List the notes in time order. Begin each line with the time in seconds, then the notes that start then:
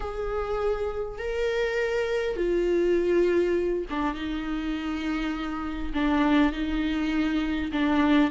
0.00 G#4
1.18 A#4
2.36 F4
3.89 D4
4.14 D#4
5.93 D4
6.52 D#4
7.71 D4